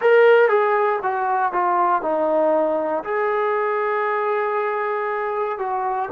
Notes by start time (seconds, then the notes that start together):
0.00 A#4
0.48 G#4
1.03 F#4
1.52 F4
2.02 D#4
3.04 G#4
5.58 F#4